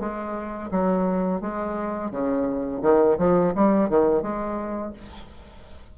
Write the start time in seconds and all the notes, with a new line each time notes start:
0.00 G#3
0.71 F#3
1.41 G#3
2.11 C#3
2.82 D#3
3.19 F3
3.55 G3
3.90 D#3
4.23 G#3